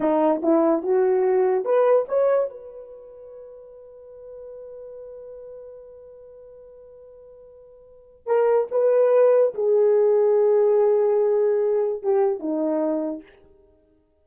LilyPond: \new Staff \with { instrumentName = "horn" } { \time 4/4 \tempo 4 = 145 dis'4 e'4 fis'2 | b'4 cis''4 b'2~ | b'1~ | b'1~ |
b'1 | ais'4 b'2 gis'4~ | gis'1~ | gis'4 g'4 dis'2 | }